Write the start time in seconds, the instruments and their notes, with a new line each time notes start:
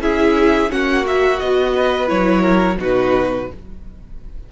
0.00 cello C#4, viola E4, violin G#4 E5
0.70 cello A#3, viola C#4, violin F#4 F#5
1.05 viola F#4, violin E5
1.40 cello B3, violin D#5
1.77 violin B4
2.07 cello F#3, viola E4, violin C#5
2.42 violin A#4
2.78 cello B2, viola D#4, violin F#4 B4